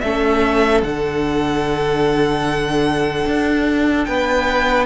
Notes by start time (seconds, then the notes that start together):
0.00 A3 C#4 A4 E5
0.82 D3 D4 F#5
3.26 D4
4.04 B3 B4 G5